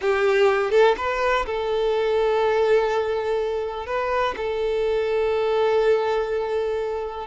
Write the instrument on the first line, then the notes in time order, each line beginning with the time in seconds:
violin
0.01 G4
0.70 A4
0.97 B4
1.46 A4
3.86 B4
4.36 A4